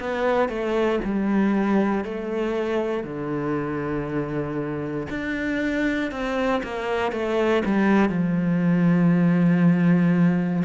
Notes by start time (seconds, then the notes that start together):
0.00 B3
0.49 A3
1.04 G3
2.04 A3
3.04 D3
5.09 D4
6.11 C4
6.63 A#3
7.12 A3
7.65 G3
8.09 F3